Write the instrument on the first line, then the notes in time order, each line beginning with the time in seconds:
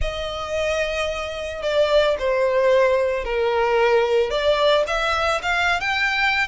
violin
0.01 D#5
1.62 D5
2.19 C5
3.24 A#4
4.30 D5
4.87 E5
5.42 F5
5.80 G5